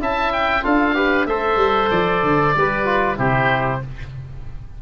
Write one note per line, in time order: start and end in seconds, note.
0.00 0.64 C#4
0.00 0.62 E4
0.00 0.64 E5
0.00 0.32 A5
0.32 0.64 G5
0.62 1.26 D4
0.62 0.94 F4
0.62 0.95 A4
0.62 1.26 F5
0.94 1.26 G4
0.94 1.27 B4
1.26 1.56 A3
1.26 2.55 A4
1.26 2.55 C5
1.26 1.89 E5
1.56 1.88 G3
1.90 2.22 F3
1.90 3.16 D5
2.22 2.54 D3
2.55 3.17 G3
2.55 2.85 G4
2.55 3.18 B4
2.85 3.16 F4
3.16 3.81 C3
3.16 3.79 E4
3.16 3.81 G4
3.16 3.82 C5